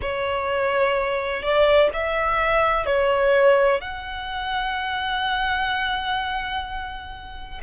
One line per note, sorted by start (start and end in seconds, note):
0.01 1.42 C#5
1.42 1.90 D5
1.93 2.86 E5
2.86 3.81 C#5
3.81 7.61 F#5